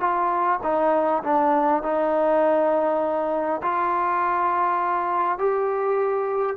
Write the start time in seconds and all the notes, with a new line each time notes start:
0.00 F4
0.63 D#4
1.23 D4
1.83 D#4
3.62 F4
5.38 G4